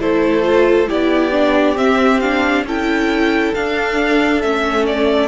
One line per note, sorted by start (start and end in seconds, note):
0.00 0.88 A3
0.00 0.43 E4
0.00 0.89 A4
0.00 0.90 C5
0.43 0.87 F4
0.88 1.77 B3
0.88 1.32 E4
0.88 2.66 G4
0.88 1.78 D5
1.32 1.76 D4
1.77 2.64 C4
1.77 2.21 C4
1.77 2.20 E5
2.20 2.67 D4
2.20 2.65 F5
2.64 3.53 C#4
2.64 3.56 E4
2.64 5.29 A4
2.64 3.55 G5
3.55 4.44 D4
3.55 4.42 F5
4.42 5.29 A3
4.42 5.29 C#4
4.42 4.86 E5
4.86 5.29 D5